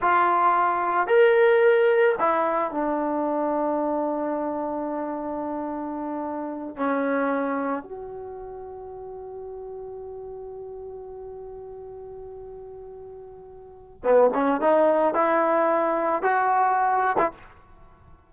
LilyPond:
\new Staff \with { instrumentName = "trombone" } { \time 4/4 \tempo 4 = 111 f'2 ais'2 | e'4 d'2.~ | d'1~ | d'8 cis'2 fis'4.~ |
fis'1~ | fis'1~ | fis'2 b8 cis'8 dis'4 | e'2 fis'4.~ fis'16 e'16 | }